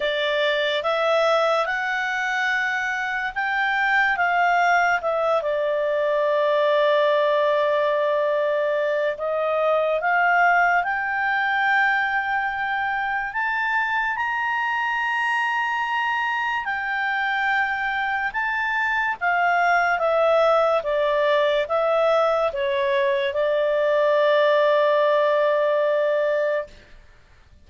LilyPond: \new Staff \with { instrumentName = "clarinet" } { \time 4/4 \tempo 4 = 72 d''4 e''4 fis''2 | g''4 f''4 e''8 d''4.~ | d''2. dis''4 | f''4 g''2. |
a''4 ais''2. | g''2 a''4 f''4 | e''4 d''4 e''4 cis''4 | d''1 | }